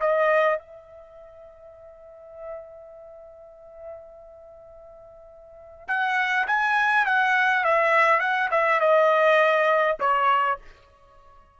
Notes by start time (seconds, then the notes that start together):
0.00 D#5
0.59 E5
5.88 F#5
6.47 G#5
7.06 F#5
7.64 E5
8.20 F#5
8.51 E5
8.80 D#5
10.00 C#5